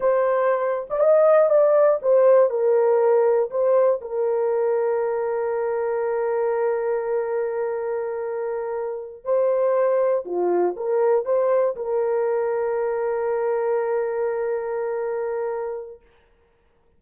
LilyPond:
\new Staff \with { instrumentName = "horn" } { \time 4/4 \tempo 4 = 120 c''4.~ c''16 d''16 dis''4 d''4 | c''4 ais'2 c''4 | ais'1~ | ais'1~ |
ais'2~ ais'8 c''4.~ | c''8 f'4 ais'4 c''4 ais'8~ | ais'1~ | ais'1 | }